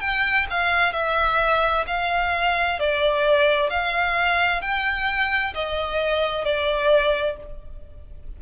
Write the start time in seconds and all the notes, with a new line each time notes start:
0.00 G5
0.50 F5
0.92 E5
1.87 F5
2.79 D5
3.70 F5
4.61 G5
5.54 D#5
6.44 D5